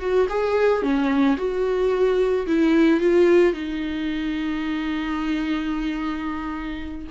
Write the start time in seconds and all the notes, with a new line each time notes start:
0.00 F#4
0.29 G#4
0.82 C#4
1.37 F#4
2.46 E4
3.00 F4
3.53 D#4